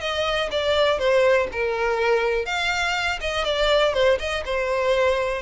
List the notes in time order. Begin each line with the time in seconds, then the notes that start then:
0.00 D#5
0.51 D5
0.98 C5
1.52 A#4
2.45 F5
3.20 D#5
3.44 D5
3.93 C5
4.19 D#5
4.45 C5